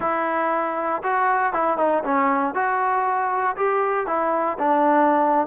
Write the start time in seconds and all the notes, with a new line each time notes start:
0.00 E4
1.02 F#4
1.53 E4
1.77 D#4
2.04 C#4
2.54 F#4
3.56 G4
4.06 E4
4.59 D4